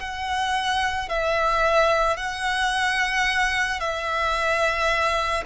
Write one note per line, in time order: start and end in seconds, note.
0.00 1.09 F#5
1.09 2.17 E5
2.17 3.80 F#5
3.80 5.44 E5